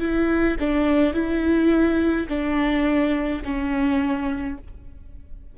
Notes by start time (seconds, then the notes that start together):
0.00 E4
0.60 D4
1.14 E4
2.29 D4
3.45 C#4